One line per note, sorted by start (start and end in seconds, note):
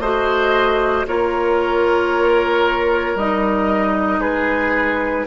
0.00 1.05 A3
0.00 1.08 F#4
0.00 1.07 C5
0.00 1.06 D#5
1.07 3.15 A#3
1.07 3.18 F4
1.07 4.20 A#4
1.07 3.18 C#5
3.15 4.20 G3
3.15 5.28 D#4
3.15 4.21 D#5
4.20 5.25 G#3
4.20 5.26 G#4
4.20 5.26 B4